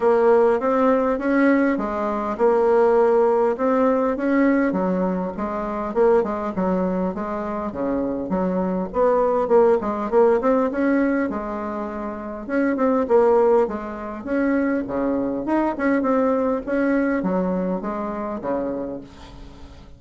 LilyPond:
\new Staff \with { instrumentName = "bassoon" } { \time 4/4 \tempo 4 = 101 ais4 c'4 cis'4 gis4 | ais2 c'4 cis'4 | fis4 gis4 ais8 gis8 fis4 | gis4 cis4 fis4 b4 |
ais8 gis8 ais8 c'8 cis'4 gis4~ | gis4 cis'8 c'8 ais4 gis4 | cis'4 cis4 dis'8 cis'8 c'4 | cis'4 fis4 gis4 cis4 | }